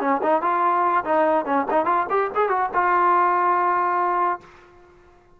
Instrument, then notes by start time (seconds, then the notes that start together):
trombone
0.00 C#4
0.22 D#4
0.41 F4
1.05 D#4
1.45 C#4
1.70 D#4
1.85 F4
2.10 G4
2.35 G#4
2.49 F#4
2.73 F4